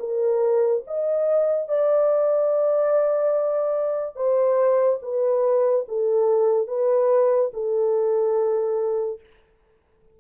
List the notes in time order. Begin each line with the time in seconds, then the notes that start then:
0.00 A#4
0.87 D#5
1.68 D5
4.16 C5
5.02 B4
5.88 A4
6.68 B4
7.53 A4